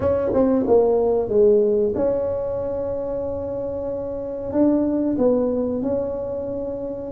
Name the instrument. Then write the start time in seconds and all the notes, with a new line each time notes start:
tuba
0.00 C#4
0.33 C4
0.67 A#3
1.28 G#3
1.95 C#4
4.52 D4
5.18 B3
5.82 C#4